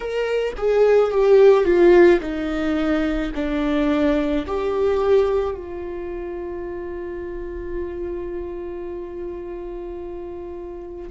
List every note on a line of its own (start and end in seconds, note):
0.00 0.53 A#4
0.57 1.11 G#4
1.11 1.64 G4
1.64 2.20 F4
2.20 3.31 D#4
3.34 4.45 D4
4.46 5.54 G4
5.54 11.10 F4